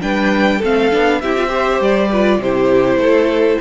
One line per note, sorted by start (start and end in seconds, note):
0.00 0.62 G3
0.00 0.60 D4
0.00 0.58 B4
0.00 0.61 G5
0.58 0.93 A3
0.58 0.91 C4
0.58 1.18 A4
0.64 1.21 F5
0.91 1.23 B3
0.91 1.21 D4
1.21 1.80 C4
1.21 1.36 E4
1.21 1.48 G4
1.21 1.81 E5
1.36 1.48 F4
1.48 2.08 G4
1.48 2.08 C5
1.80 2.38 G3
1.80 2.42 D5
2.09 2.42 F4
2.09 2.39 B4
2.38 2.96 C3
2.38 3.60 E4
2.38 2.99 G4
2.38 3.60 C5
2.96 3.56 A3
2.96 3.59 A4